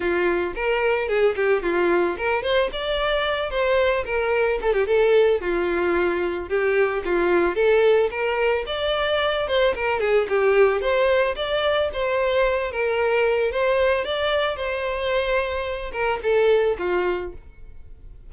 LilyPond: \new Staff \with { instrumentName = "violin" } { \time 4/4 \tempo 4 = 111 f'4 ais'4 gis'8 g'8 f'4 | ais'8 c''8 d''4. c''4 ais'8~ | ais'8 a'16 g'16 a'4 f'2 | g'4 f'4 a'4 ais'4 |
d''4. c''8 ais'8 gis'8 g'4 | c''4 d''4 c''4. ais'8~ | ais'4 c''4 d''4 c''4~ | c''4. ais'8 a'4 f'4 | }